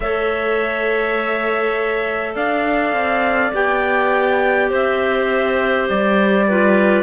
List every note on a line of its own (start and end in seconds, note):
0.00 2.35 A3
0.00 3.53 A4
0.00 2.34 C#5
0.00 2.35 E5
2.34 2.92 D4
2.34 4.69 D5
2.34 3.53 F5
2.92 3.51 C4
3.53 4.70 B3
3.53 6.48 G4
3.53 4.72 G5
4.69 5.88 C4
4.69 6.46 C5
4.69 5.88 E5
5.88 7.03 G3
5.88 7.03 D5
6.47 7.03 F4
6.47 7.03 B4